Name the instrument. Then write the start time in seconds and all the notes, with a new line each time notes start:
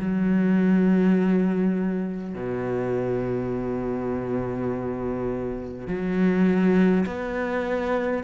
cello
0.00 F#3
2.35 B2
5.88 F#3
7.07 B3